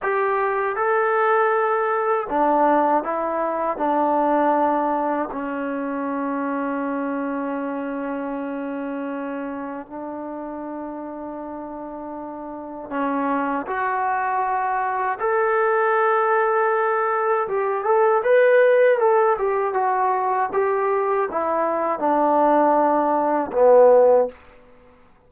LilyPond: \new Staff \with { instrumentName = "trombone" } { \time 4/4 \tempo 4 = 79 g'4 a'2 d'4 | e'4 d'2 cis'4~ | cis'1~ | cis'4 d'2.~ |
d'4 cis'4 fis'2 | a'2. g'8 a'8 | b'4 a'8 g'8 fis'4 g'4 | e'4 d'2 b4 | }